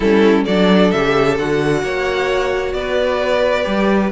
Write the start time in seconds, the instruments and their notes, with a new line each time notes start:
0.00 cello G3, viola C#4, violin E4 A4
0.44 cello F#3, viola D4, violin A4 D5
0.91 cello C#3, viola G4, violin E5
1.38 cello D3, viola F#4, violin F#5
1.82 cello A#3, violin C#5
2.73 cello B3, violin B4 D5
3.62 cello G3, viola G4